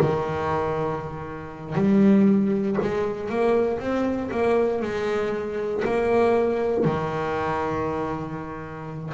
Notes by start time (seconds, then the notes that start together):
0.00 D#3
1.75 G3
2.82 G#3
3.29 A#3
3.79 C4
4.30 A#3
4.81 G#3
5.84 A#3
6.85 D#3